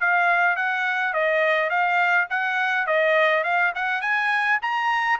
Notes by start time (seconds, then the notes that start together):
0.00 F5
0.56 F#5
1.13 D#5
1.69 F5
2.29 F#5
2.87 D#5
3.44 F5
3.75 F#5
4.01 G#5
4.62 A#5